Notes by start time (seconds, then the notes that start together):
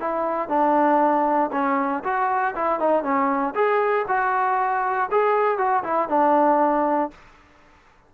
0.00 E4
0.49 D4
1.52 C#4
2.04 F#4
2.55 E4
2.80 D#4
3.03 C#4
3.55 G#4
4.08 F#4
5.11 G#4
5.58 F#4
5.84 E4
6.09 D4